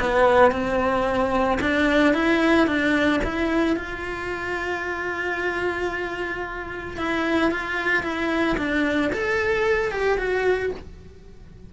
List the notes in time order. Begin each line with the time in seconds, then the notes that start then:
0.00 B3
0.51 C4
1.61 D4
2.14 E4
2.67 D4
3.24 E4
3.76 F4
6.97 E4
7.50 F4
8.03 E4
8.57 D4
9.12 A4
9.91 G4
10.18 F#4